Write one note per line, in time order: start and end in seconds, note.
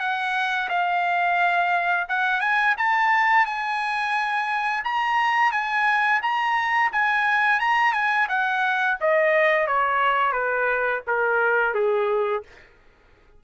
0.00 0.69 F#5
0.70 2.08 F5
2.09 2.41 F#5
2.41 2.76 G#5
2.77 3.46 A5
3.46 4.84 G#5
4.85 5.52 A#5
5.52 6.21 G#5
6.22 6.91 A#5
6.92 7.60 G#5
7.60 7.93 A#5
7.93 8.28 G#5
8.29 8.98 F#5
9.01 9.67 D#5
9.67 10.33 C#5
10.33 11.02 B4
11.08 11.75 A#4
11.75 12.44 G#4